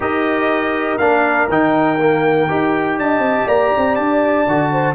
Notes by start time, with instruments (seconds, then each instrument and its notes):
0.00 tuba D#4, trombone G4, horn A#4, trumpet D#5
0.98 tuba A#3, trombone D4, trumpet F5
1.48 tuba D#3, trombone D#4, trumpet G5
1.98 trombone A#3
2.48 tuba D#4, trombone G4
2.98 tuba D4, horn D#5, trumpet A5
3.19 tuba C4
3.47 tuba A#3, horn D5, trumpet A#5
3.77 tuba C4
3.95 tuba D4, trumpet A5
4.47 tuba D3, trombone F#4
4.72 horn C5